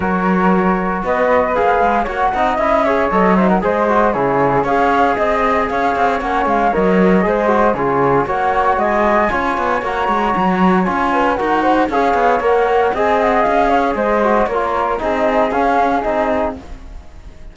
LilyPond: <<
  \new Staff \with { instrumentName = "flute" } { \time 4/4 \tempo 4 = 116 cis''2 dis''4 f''4 | fis''4 e''4 dis''8 e''16 fis''16 dis''4 | cis''4 f''4 dis''4 f''4 | fis''8 f''8 dis''2 cis''4 |
fis''4 gis''2 ais''4~ | ais''4 gis''4 fis''4 f''4 | fis''4 gis''8 fis''8 f''4 dis''4 | cis''4 dis''4 f''4 dis''4 | }
  \new Staff \with { instrumentName = "flute" } { \time 4/4 ais'2 b'2 | cis''8 dis''4 cis''4 c''16 ais'16 c''4 | gis'4 cis''4 dis''4 cis''4~ | cis''2 c''4 gis'4 |
cis''4 dis''4 cis''2~ | cis''4. b'8 ais'8 c''8 cis''4~ | cis''4 dis''4. cis''8 c''4 | ais'4 gis'2. | }
  \new Staff \with { instrumentName = "trombone" } { \time 4/4 fis'2. gis'4 | fis'8 dis'8 e'8 gis'8 a'8 dis'8 gis'8 fis'8 | e'4 gis'2. | cis'4 ais'4 gis'8 fis'8 f'4 |
fis'2 f'4 fis'4~ | fis'4 f'4 fis'4 gis'4 | ais'4 gis'2~ gis'8 fis'8 | f'4 dis'4 cis'4 dis'4 | }
  \new Staff \with { instrumentName = "cello" } { \time 4/4 fis2 b4 ais8 gis8 | ais8 c'8 cis'4 fis4 gis4 | cis4 cis'4 c'4 cis'8 c'8 | ais8 gis8 fis4 gis4 cis4 |
ais4 gis4 cis'8 b8 ais8 gis8 | fis4 cis'4 dis'4 cis'8 b8 | ais4 c'4 cis'4 gis4 | ais4 c'4 cis'4 c'4 | }
>>